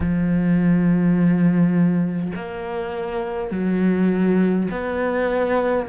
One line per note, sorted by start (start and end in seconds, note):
0.00 2.32 F3
2.35 3.50 A#3
3.50 4.68 F#3
4.71 5.88 B3